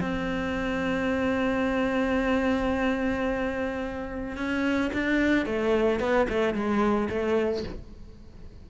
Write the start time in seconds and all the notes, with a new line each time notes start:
0.00 C4
4.37 C#4
4.93 D4
5.46 A3
6.00 B3
6.29 A3
6.54 G#3
7.09 A3